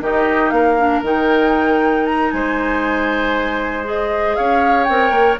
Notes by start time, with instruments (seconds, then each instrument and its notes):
0.00 bassoon D#3, clarinet D#4, oboe G4, flute D#5
0.49 bassoon A#3, flute F5
0.55 oboe A#4
0.78 clarinet D4
1.02 bassoon D#3, clarinet D#4, flute G5
2.06 flute A#5
2.31 bassoon G#3, oboe C5, flute G#5
3.84 clarinet G#4, flute D#5
4.35 bassoon C#4, oboe C#5, flute F5
4.84 bassoon C4, clarinet A#4, flute G5
5.10 bassoon A#3